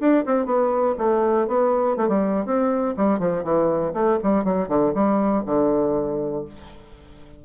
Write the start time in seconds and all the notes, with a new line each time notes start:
0.00 D4
0.26 C4
0.46 B3
0.98 A3
1.48 B3
1.97 A3
2.09 G3
2.46 C4
2.97 G3
3.19 F3
3.44 E3
3.94 A3
4.23 G3
4.44 F#3
4.69 D3
4.95 G3
5.45 D3